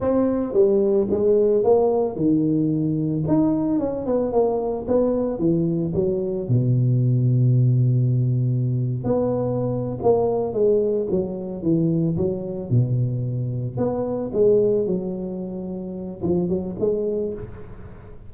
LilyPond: \new Staff \with { instrumentName = "tuba" } { \time 4/4 \tempo 4 = 111 c'4 g4 gis4 ais4 | dis2 dis'4 cis'8 b8 | ais4 b4 e4 fis4 | b,1~ |
b,8. b4.~ b16 ais4 gis8~ | gis8 fis4 e4 fis4 b,8~ | b,4. b4 gis4 fis8~ | fis2 f8 fis8 gis4 | }